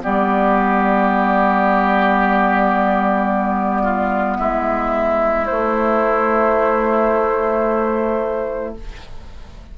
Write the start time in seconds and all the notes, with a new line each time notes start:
0.00 G3 B3 G4 D5
3.83 F4
4.37 G#3 E4 E5
5.46 A3 C5